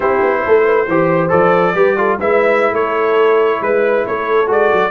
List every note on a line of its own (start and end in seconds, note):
0.00 0.21 C4
0.00 0.86 E4
0.00 0.43 G4
0.00 1.30 C5
0.21 0.43 B3
0.45 0.87 A3
0.45 0.64 A4
0.64 0.86 B4
0.87 1.31 E3
0.87 1.29 G4
0.87 1.75 C5
1.29 1.74 F3
1.29 1.73 A4
1.29 2.18 D5
1.74 2.18 G3
1.74 1.97 G4
1.74 1.97 B4
1.97 2.19 F4
1.97 2.19 A4
2.19 2.71 G#3
2.19 4.46 E4
2.19 2.74 B4
2.19 2.74 E5
2.71 3.59 A3
2.71 3.62 A4
2.71 3.62 C#5
3.61 4.04 G#3
3.61 4.06 B4
4.06 4.49 A3
4.06 4.91 A4
4.06 4.50 C#5
4.46 4.71 G#3
4.46 4.90 F#4
4.46 4.91 D5
4.73 4.91 F#3